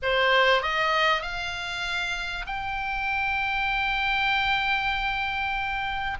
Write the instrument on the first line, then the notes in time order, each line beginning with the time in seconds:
oboe
0.02 C5
0.62 D#5
1.21 F5
2.46 G5